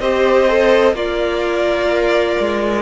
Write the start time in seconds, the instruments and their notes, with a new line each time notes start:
0.00 cello C4, viola G4, violin C5 D#5
0.49 viola A4
0.93 cello A#3, violin F4 D5, viola A#4
2.40 cello G#3